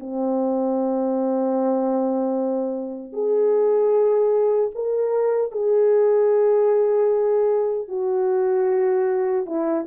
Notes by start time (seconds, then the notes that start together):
0.00 C4
3.12 G#4
4.74 A#4
5.51 G#4
7.88 F#4
9.46 E4